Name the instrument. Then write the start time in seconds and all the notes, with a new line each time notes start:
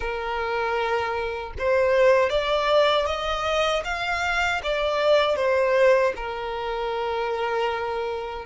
violin
0.00 A#4
1.58 C5
2.29 D5
3.06 D#5
3.84 F5
4.63 D5
5.35 C5
6.16 A#4